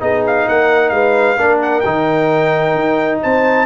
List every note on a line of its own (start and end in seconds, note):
0.00 0.47 B3
0.00 1.37 D#4
0.00 0.47 G#4
0.00 0.24 D#5
0.27 0.49 F5
0.48 0.91 A#3
0.48 0.93 A#4
0.48 0.89 F#5
0.89 1.37 G#3
0.89 1.37 B4
0.89 1.58 F5
1.37 1.84 A#3
1.37 1.83 D4
1.37 3.20 A#4
1.62 1.81 F#5
1.81 2.74 D#3
1.81 3.66 D#4
1.81 3.18 G5
2.74 3.20 D#4
3.22 3.66 C4
3.22 3.66 C5
3.22 3.66 A5